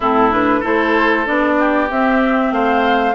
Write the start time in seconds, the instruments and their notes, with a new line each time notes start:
0.00 bassoon A2, clarinet C4, oboe E4, flute A4
0.31 clarinet D4, flute B4
0.60 bassoon A3, clarinet E4, oboe A4, flute C5
1.25 bassoon B3, clarinet D4, flute D5
1.59 oboe G4
1.90 bassoon C4, clarinet C4, flute E5
2.51 bassoon A3, oboe C5, flute F5